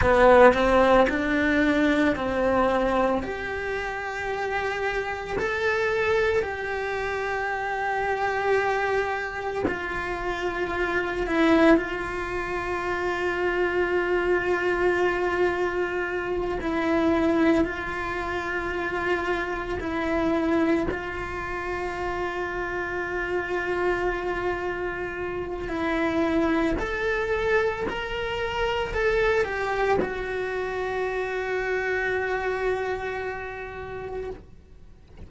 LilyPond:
\new Staff \with { instrumentName = "cello" } { \time 4/4 \tempo 4 = 56 b8 c'8 d'4 c'4 g'4~ | g'4 a'4 g'2~ | g'4 f'4. e'8 f'4~ | f'2.~ f'8 e'8~ |
e'8 f'2 e'4 f'8~ | f'1 | e'4 a'4 ais'4 a'8 g'8 | fis'1 | }